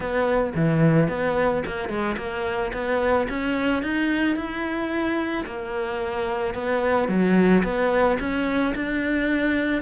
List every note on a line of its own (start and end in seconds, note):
0.00 0.53 B3
0.55 1.08 E3
1.08 1.63 B3
1.66 1.88 A#3
1.88 2.16 G#3
2.17 2.71 A#3
2.73 3.27 B3
3.29 3.82 C#4
3.82 4.35 D#4
4.35 5.44 E4
5.45 6.54 A#3
6.54 7.08 B3
7.08 7.63 F#3
7.63 8.18 B3
8.19 8.74 C#4
8.75 9.82 D4